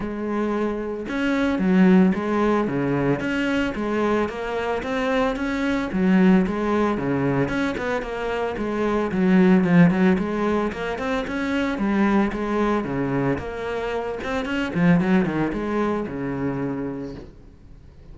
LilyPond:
\new Staff \with { instrumentName = "cello" } { \time 4/4 \tempo 4 = 112 gis2 cis'4 fis4 | gis4 cis4 cis'4 gis4 | ais4 c'4 cis'4 fis4 | gis4 cis4 cis'8 b8 ais4 |
gis4 fis4 f8 fis8 gis4 | ais8 c'8 cis'4 g4 gis4 | cis4 ais4. c'8 cis'8 f8 | fis8 dis8 gis4 cis2 | }